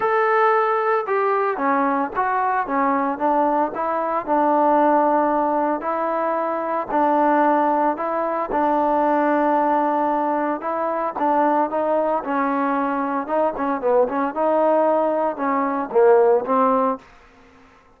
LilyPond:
\new Staff \with { instrumentName = "trombone" } { \time 4/4 \tempo 4 = 113 a'2 g'4 cis'4 | fis'4 cis'4 d'4 e'4 | d'2. e'4~ | e'4 d'2 e'4 |
d'1 | e'4 d'4 dis'4 cis'4~ | cis'4 dis'8 cis'8 b8 cis'8 dis'4~ | dis'4 cis'4 ais4 c'4 | }